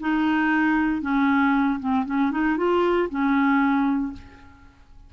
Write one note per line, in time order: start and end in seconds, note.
0.00 1.02 D#4
1.02 1.79 C#4
1.80 2.05 C4
2.06 2.32 C#4
2.32 2.57 D#4
2.57 3.09 F4
3.09 4.13 C#4